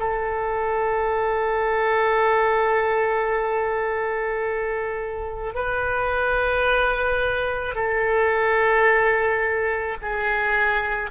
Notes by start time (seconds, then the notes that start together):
0.00 A4
5.55 B4
7.75 A4
10.02 G#4